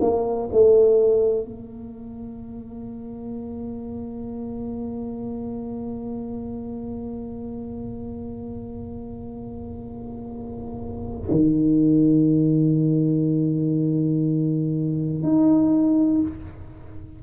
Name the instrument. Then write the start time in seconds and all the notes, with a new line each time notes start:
tuba
0.00 A#3
0.51 A3
1.44 A#3
11.30 D#3
15.22 D#4